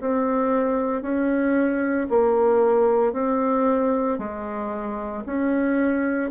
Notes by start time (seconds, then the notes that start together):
0.00 C4
1.02 C#4
2.09 A#3
3.13 C4
4.18 G#3
5.26 C#4